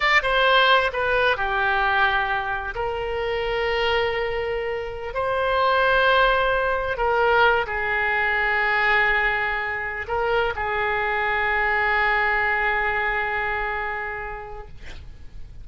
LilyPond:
\new Staff \with { instrumentName = "oboe" } { \time 4/4 \tempo 4 = 131 d''8 c''4. b'4 g'4~ | g'2 ais'2~ | ais'2.~ ais'16 c''8.~ | c''2.~ c''16 ais'8.~ |
ais'8. gis'2.~ gis'16~ | gis'2 ais'4 gis'4~ | gis'1~ | gis'1 | }